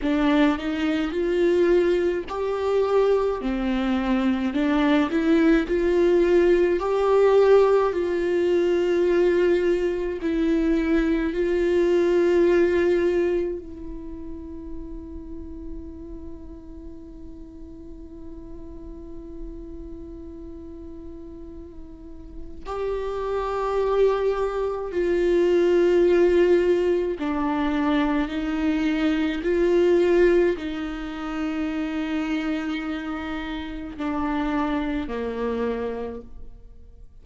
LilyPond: \new Staff \with { instrumentName = "viola" } { \time 4/4 \tempo 4 = 53 d'8 dis'8 f'4 g'4 c'4 | d'8 e'8 f'4 g'4 f'4~ | f'4 e'4 f'2 | e'1~ |
e'1 | g'2 f'2 | d'4 dis'4 f'4 dis'4~ | dis'2 d'4 ais4 | }